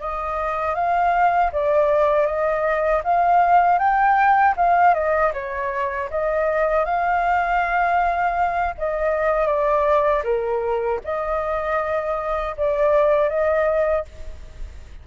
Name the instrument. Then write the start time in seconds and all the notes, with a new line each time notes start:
flute
0.00 D#5
0.75 F5
1.52 D5
2.26 D#5
3.03 F5
3.78 G5
4.56 F5
4.94 D#5
5.33 C#5
6.10 D#5
6.85 F5
8.78 D#5
9.46 D5
10.24 A#4
11.04 D#5
12.57 D5
13.29 D#5